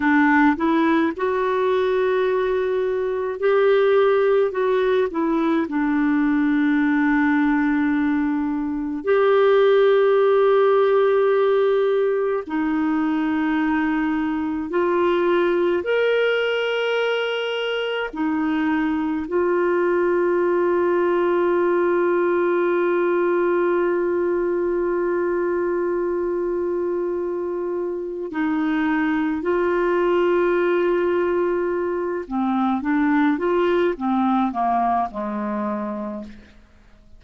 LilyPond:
\new Staff \with { instrumentName = "clarinet" } { \time 4/4 \tempo 4 = 53 d'8 e'8 fis'2 g'4 | fis'8 e'8 d'2. | g'2. dis'4~ | dis'4 f'4 ais'2 |
dis'4 f'2.~ | f'1~ | f'4 dis'4 f'2~ | f'8 c'8 d'8 f'8 c'8 ais8 gis4 | }